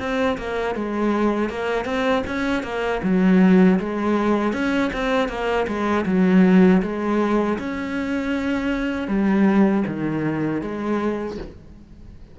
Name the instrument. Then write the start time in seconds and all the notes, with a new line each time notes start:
cello
0.00 C4
0.38 A#3
0.76 G#3
1.50 A#3
1.85 C4
2.27 C#4
2.63 A#3
3.03 F#3
3.80 G#3
4.53 C#4
4.93 C4
5.29 A#3
5.68 G#3
6.06 F#3
6.83 G#3
7.59 C#4
9.08 G3
9.87 D#3
10.62 G#3